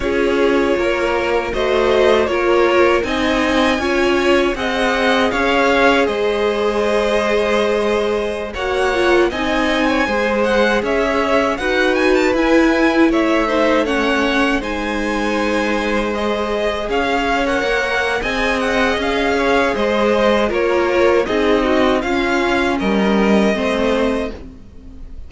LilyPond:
<<
  \new Staff \with { instrumentName = "violin" } { \time 4/4 \tempo 4 = 79 cis''2 dis''4 cis''4 | gis''2 fis''4 f''4 | dis''2.~ dis''16 fis''8.~ | fis''16 gis''4. fis''8 e''4 fis''8 gis''16 |
a''16 gis''4 e''4 fis''4 gis''8.~ | gis''4~ gis''16 dis''4 f''8. fis''4 | gis''8 fis''8 f''4 dis''4 cis''4 | dis''4 f''4 dis''2 | }
  \new Staff \with { instrumentName = "violin" } { \time 4/4 gis'4 ais'4 c''4 ais'4 | dis''4 cis''4 dis''4 cis''4 | c''2.~ c''16 cis''8.~ | cis''16 dis''8. cis''16 c''4 cis''4 b'8.~ |
b'4~ b'16 cis''8 c''8 cis''4 c''8.~ | c''2~ c''16 cis''4.~ cis''16 | dis''4. cis''8 c''4 ais'4 | gis'8 fis'8 f'4 ais'4 c''4 | }
  \new Staff \with { instrumentName = "viola" } { \time 4/4 f'2 fis'4 f'4 | dis'4 f'4 gis'2~ | gis'2.~ gis'16 fis'8 f'16~ | f'16 dis'4 gis'2 fis'8.~ |
fis'16 e'4. dis'8 cis'4 dis'8.~ | dis'4~ dis'16 gis'4.~ gis'16 ais'4 | gis'2. f'4 | dis'4 cis'2 c'4 | }
  \new Staff \with { instrumentName = "cello" } { \time 4/4 cis'4 ais4 a4 ais4 | c'4 cis'4 c'4 cis'4 | gis2.~ gis16 ais8.~ | ais16 c'4 gis4 cis'4 dis'8.~ |
dis'16 e'4 a2 gis8.~ | gis2~ gis16 cis'4 ais8. | c'4 cis'4 gis4 ais4 | c'4 cis'4 g4 a4 | }
>>